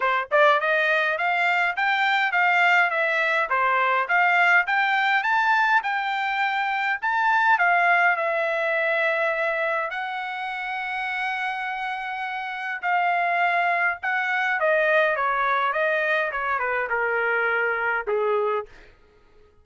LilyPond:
\new Staff \with { instrumentName = "trumpet" } { \time 4/4 \tempo 4 = 103 c''8 d''8 dis''4 f''4 g''4 | f''4 e''4 c''4 f''4 | g''4 a''4 g''2 | a''4 f''4 e''2~ |
e''4 fis''2.~ | fis''2 f''2 | fis''4 dis''4 cis''4 dis''4 | cis''8 b'8 ais'2 gis'4 | }